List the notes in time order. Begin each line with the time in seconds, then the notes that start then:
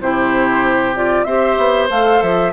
0.00 C3 E4 G4 C5
0.94 F4 D5
1.24 C4 G4 C5 E5
1.57 B3
1.89 A3 A4 F5
2.22 F3 E5